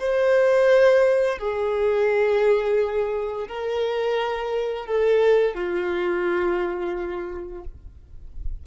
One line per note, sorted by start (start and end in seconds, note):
0.00 1.39 C5
1.39 3.48 G#4
3.49 4.86 A#4
4.86 5.55 A4
5.55 7.64 F4